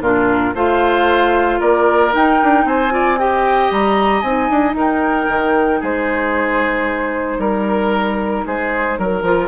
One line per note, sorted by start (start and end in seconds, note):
0.00 0.53 A#2
0.00 0.55 D4
0.00 0.54 F4
0.00 0.54 A#4
0.54 1.59 A3
0.54 2.11 F4
0.54 1.59 C5
0.54 1.60 F5
1.59 2.14 A#3
1.59 2.65 A#4
1.59 2.13 D5
2.11 2.90 D#4
2.11 2.41 D#4
2.11 2.67 G5
2.43 2.65 D4
2.65 3.70 C4
2.65 2.93 C5
2.65 3.19 G#5
2.90 3.16 F4
2.90 3.19 D5
3.18 4.24 G4
3.18 4.77 D#5
3.18 3.71 G5
3.70 4.23 G3
3.70 4.21 A#5
4.21 4.49 C4
4.21 9.24 D#4
4.21 4.73 G#5
4.50 4.73 D4
4.73 5.26 D#4
4.73 5.80 A#4
4.79 5.84 G5
5.28 5.81 D#3
5.80 7.38 G#3
5.80 7.37 G#4
5.80 7.40 C5
7.38 8.43 G3
7.38 8.45 A#4
7.38 8.46 A#4
8.46 8.98 G#3
8.46 8.98 G#4
8.46 9.00 C5
8.98 9.22 F#3
8.98 9.48 A#4
9.22 9.48 F3
9.22 9.48 F4